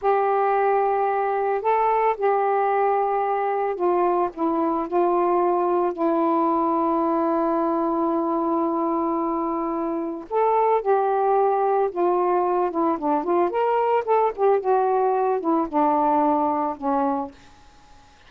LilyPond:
\new Staff \with { instrumentName = "saxophone" } { \time 4/4 \tempo 4 = 111 g'2. a'4 | g'2. f'4 | e'4 f'2 e'4~ | e'1~ |
e'2. a'4 | g'2 f'4. e'8 | d'8 f'8 ais'4 a'8 g'8 fis'4~ | fis'8 e'8 d'2 cis'4 | }